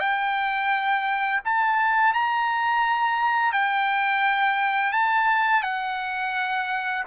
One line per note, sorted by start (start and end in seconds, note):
0.00 1.41 G5
1.45 2.14 A5
2.14 3.53 A#5
3.53 4.93 G5
4.93 5.63 A5
5.63 7.04 F#5